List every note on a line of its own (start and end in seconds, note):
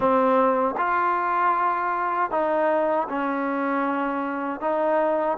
0.00 0.75 C4
0.77 2.30 F4
2.30 3.07 D#4
3.08 4.60 C#4
4.60 5.37 D#4